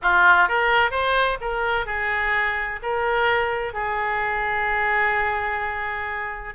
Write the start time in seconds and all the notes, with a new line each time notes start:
0.02 F4
0.48 A#4
0.91 C5
1.40 A#4
1.86 G#4
2.82 A#4
3.73 G#4